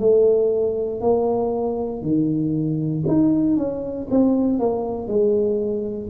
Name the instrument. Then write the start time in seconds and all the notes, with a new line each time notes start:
tuba
0.00 A3
1.01 A#3
2.02 D#3
3.07 D#4
3.57 C#4
4.11 C4
4.59 A#3
5.08 G#3